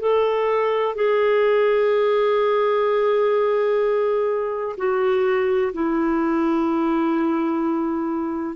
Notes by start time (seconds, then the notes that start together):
0.00 A4
0.95 G#4
4.77 F#4
5.73 E4